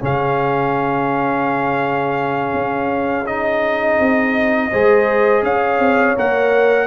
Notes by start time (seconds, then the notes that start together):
0.00 C#3 C#4 G#4 F5
2.54 C#4
3.26 D#4 D#5
3.99 C4
4.71 G#3 G#4 C5
5.43 C#4 C#5 F5
5.79 C4
6.17 A#3 A#4 F#5